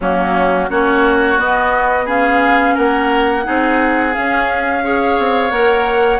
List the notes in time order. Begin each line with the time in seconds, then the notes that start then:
0.00 F#3 A#3 C#4 F#4
0.69 A#3 C#4 F#4 C#5
1.38 B3 D#5
2.05 C#4 G#4 F5
2.74 A#3 A#4 F#5
3.44 C4 D#4 G#4
4.14 C#4 F5
4.83 G#4 C#5
5.18 C4
5.51 A#3 A#4 F#5